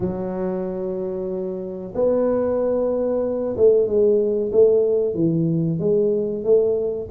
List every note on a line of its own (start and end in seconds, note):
0.00 1.93 F#3
1.94 3.56 B3
3.57 3.87 A3
3.87 4.51 G#3
4.52 5.14 A3
5.14 5.79 E3
5.79 6.43 G#3
6.44 7.08 A3